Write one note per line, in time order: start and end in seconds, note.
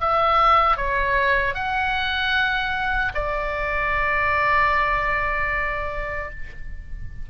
0.00 0.76 E5
0.76 1.54 C#5
1.54 3.12 F#5
3.14 6.30 D5